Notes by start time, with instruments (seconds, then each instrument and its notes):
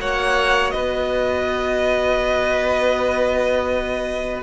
0.00 cello A#3, viola F#4, violin C#5 F#5
0.71 cello B3, violin B4 D#5